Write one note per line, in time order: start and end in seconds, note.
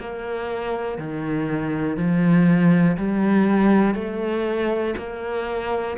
0.00 0.98 A#3
0.98 1.97 D#3
1.97 2.97 F3
2.97 3.94 G3
3.94 4.94 A3
4.97 5.97 A#3